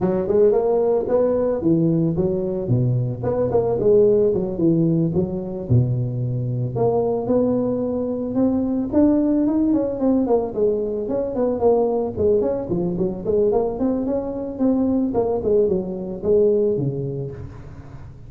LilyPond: \new Staff \with { instrumentName = "tuba" } { \time 4/4 \tempo 4 = 111 fis8 gis8 ais4 b4 e4 | fis4 b,4 b8 ais8 gis4 | fis8 e4 fis4 b,4.~ | b,8 ais4 b2 c'8~ |
c'8 d'4 dis'8 cis'8 c'8 ais8 gis8~ | gis8 cis'8 b8 ais4 gis8 cis'8 f8 | fis8 gis8 ais8 c'8 cis'4 c'4 | ais8 gis8 fis4 gis4 cis4 | }